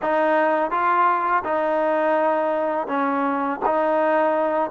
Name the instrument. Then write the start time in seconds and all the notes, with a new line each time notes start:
trombone
0.02 D#4
0.70 F4
1.44 D#4
2.87 C#4
3.65 D#4